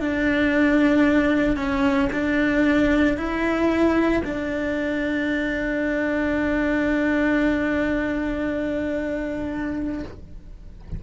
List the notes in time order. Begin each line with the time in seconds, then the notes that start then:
0.00 D4
1.56 C#4
2.12 D4
3.17 E4
4.24 D4